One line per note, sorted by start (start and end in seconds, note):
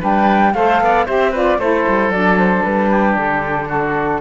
0.00 0.55 G3
0.00 0.54 D4
0.00 0.53 B4
0.00 0.54 G5
0.54 0.81 A3
0.54 1.06 A4
0.54 0.82 C5
0.54 1.07 F5
0.81 1.07 B3
0.81 1.06 D5
1.06 1.58 C4
1.06 1.33 G4
1.06 1.32 C5
1.06 1.34 E5
1.32 1.60 F4
1.32 1.58 B4
1.32 1.60 D5
1.58 1.85 A3
1.58 2.13 E4
1.58 2.90 A4
1.58 2.12 C5
1.89 2.09 G3
2.09 2.62 F#3
2.09 4.21 D4
2.09 2.38 D5
2.39 2.64 C5
2.64 3.17 G3
2.64 3.17 B4
2.90 3.69 G4
3.17 4.21 D3
3.17 4.21 A4
3.69 4.21 F#4